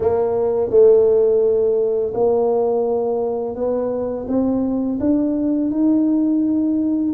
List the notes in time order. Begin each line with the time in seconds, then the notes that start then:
0.00 A#3
0.70 A3
2.14 A#3
3.55 B3
4.28 C4
5.00 D4
5.70 D#4